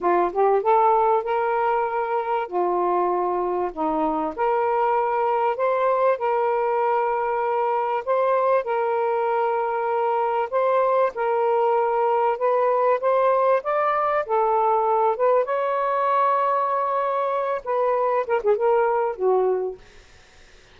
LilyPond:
\new Staff \with { instrumentName = "saxophone" } { \time 4/4 \tempo 4 = 97 f'8 g'8 a'4 ais'2 | f'2 dis'4 ais'4~ | ais'4 c''4 ais'2~ | ais'4 c''4 ais'2~ |
ais'4 c''4 ais'2 | b'4 c''4 d''4 a'4~ | a'8 b'8 cis''2.~ | cis''8 b'4 ais'16 gis'16 ais'4 fis'4 | }